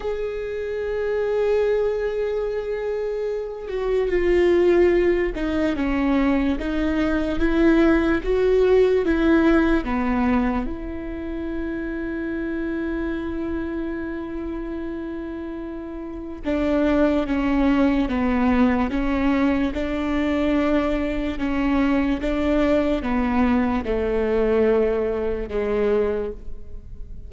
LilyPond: \new Staff \with { instrumentName = "viola" } { \time 4/4 \tempo 4 = 73 gis'1~ | gis'8 fis'8 f'4. dis'8 cis'4 | dis'4 e'4 fis'4 e'4 | b4 e'2.~ |
e'1 | d'4 cis'4 b4 cis'4 | d'2 cis'4 d'4 | b4 a2 gis4 | }